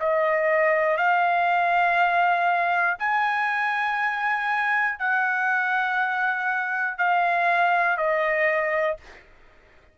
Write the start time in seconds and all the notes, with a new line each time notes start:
0.00 D#5
0.97 F5
2.99 G#5
4.99 F#5
6.98 F5
7.98 D#5